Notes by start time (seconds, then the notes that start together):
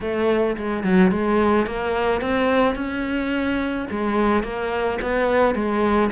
0.01 A3
0.56 G#3
0.83 F#3
1.11 G#3
1.66 A#3
2.21 C4
2.75 C#4
3.90 G#3
4.43 A#3
5.01 B3
5.54 G#3